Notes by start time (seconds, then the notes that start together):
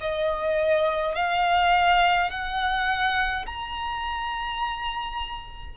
0.00 D#5
1.15 F5
2.30 F#5
3.46 A#5